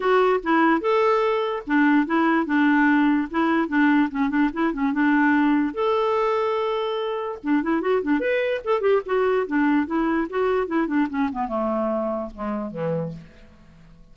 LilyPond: \new Staff \with { instrumentName = "clarinet" } { \time 4/4 \tempo 4 = 146 fis'4 e'4 a'2 | d'4 e'4 d'2 | e'4 d'4 cis'8 d'8 e'8 cis'8 | d'2 a'2~ |
a'2 d'8 e'8 fis'8 d'8 | b'4 a'8 g'8 fis'4 d'4 | e'4 fis'4 e'8 d'8 cis'8 b8 | a2 gis4 e4 | }